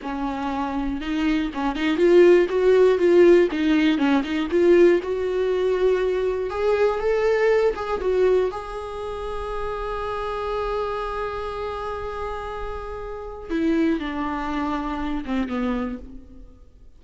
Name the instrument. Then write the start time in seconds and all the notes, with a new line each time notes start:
viola
0.02 C#4
1.00 D#4
1.53 C#4
1.75 D#4
1.96 F4
2.49 F#4
2.98 F4
3.51 D#4
3.97 C#4
4.23 D#4
4.50 F4
5.02 F#4
6.50 G#4
6.99 A4
7.75 G#4
8.00 F#4
8.51 G#4
13.50 E4
13.99 D4
15.25 C4
15.48 B3